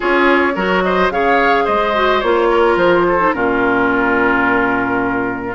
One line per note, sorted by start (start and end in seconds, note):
0.00 0.56 C#4
0.00 0.53 F4
0.00 0.53 G#4
0.00 0.83 C#5
0.55 1.10 F#3
0.55 1.11 F#4
0.55 0.83 A#4
0.83 1.12 C5
0.83 1.11 D#5
1.10 1.65 C#3
1.10 1.94 G#4
1.10 1.64 C#5
1.10 1.66 F5
1.64 2.22 G#3
1.64 2.47 C5
1.64 2.20 D#5
1.94 2.22 F#4
2.20 2.76 A#3
2.20 3.19 F4
2.20 2.76 C#5
2.50 3.06 A#4
2.76 3.31 F3
2.76 3.33 C5
3.08 3.35 A4
3.19 3.33 D#4
3.33 5.55 A#2
3.33 5.55 C#4
3.33 5.55 F4
3.33 5.55 A#4